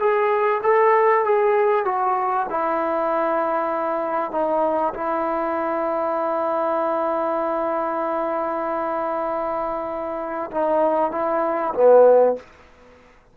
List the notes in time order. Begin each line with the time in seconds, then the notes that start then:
0.00 G#4
0.64 A4
1.25 G#4
1.85 F#4
2.50 E4
4.32 D#4
4.94 E4
10.52 D#4
11.12 E4
11.75 B3